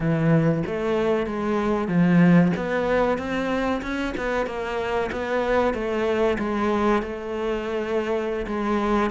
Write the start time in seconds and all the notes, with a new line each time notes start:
0.00 E3
0.66 A3
1.26 G#3
1.88 F3
2.56 B3
3.17 C4
3.82 C#4
4.17 B3
4.46 A#3
5.12 B3
5.74 A3
6.38 G#3
7.02 A3
8.47 G#3